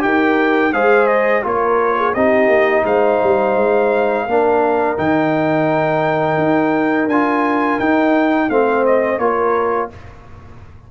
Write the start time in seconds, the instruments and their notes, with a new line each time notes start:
0.00 tuba D#4, trombone G4, horn A#4, trumpet G5
0.73 tuba G#3, trombone G#4, horn C5, trumpet F5
1.07 trumpet D#5
1.43 tuba A#3, trombone F4, horn A#4, trumpet C#5
1.98 horn G#4
2.15 tuba C4, trombone D#4, horn G4, trumpet D#5
2.48 tuba A#3
2.84 tuba G#3, horn C5, trumpet F5
3.24 tuba G3
3.57 tuba G#3
4.26 tuba A#3, trombone D4, horn A#4
4.98 tuba D#3, trombone D#4, trumpet G5
6.38 tuba D#4
7.07 tuba D4, trombone F4, trumpet G#5
7.80 tuba D#4, trombone D#4, trumpet G5
8.50 tuba A3, trombone C4, horn C5, trumpet F5
8.86 trumpet D#5
9.19 tuba A#3, trombone F4, horn A#4, trumpet C#5